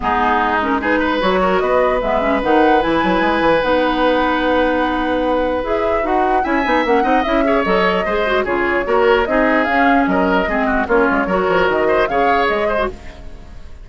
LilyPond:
<<
  \new Staff \with { instrumentName = "flute" } { \time 4/4 \tempo 4 = 149 gis'4. ais'8 b'4 cis''4 | dis''4 e''4 fis''4 gis''4~ | gis''4 fis''2.~ | fis''2 e''4 fis''4 |
gis''4 fis''4 e''4 dis''4~ | dis''4 cis''2 dis''4 | f''4 dis''2 cis''4~ | cis''4 dis''4 f''4 dis''4 | }
  \new Staff \with { instrumentName = "oboe" } { \time 4/4 dis'2 gis'8 b'4 ais'8 | b'1~ | b'1~ | b'1 |
e''4. dis''4 cis''4. | c''4 gis'4 ais'4 gis'4~ | gis'4 ais'4 gis'8 fis'8 f'4 | ais'4. c''8 cis''4. c''8 | }
  \new Staff \with { instrumentName = "clarinet" } { \time 4/4 b4. cis'8 dis'4 fis'4~ | fis'4 b8 cis'8 dis'4 e'4~ | e'4 dis'2.~ | dis'2 gis'4 fis'4 |
e'8 dis'8 cis'8 dis'8 e'8 gis'8 a'4 | gis'8 fis'8 f'4 fis'4 dis'4 | cis'2 c'4 cis'4 | fis'2 gis'4.~ gis'16 fis'16 | }
  \new Staff \with { instrumentName = "bassoon" } { \time 4/4 gis2. fis4 | b4 gis4 dis4 e8 fis8 | gis8 e8 b2.~ | b2 e'4 dis'4 |
cis'8 b8 ais8 c'8 cis'4 fis4 | gis4 cis4 ais4 c'4 | cis'4 fis4 gis4 ais8 gis8 | fis8 f8 dis4 cis4 gis4 | }
>>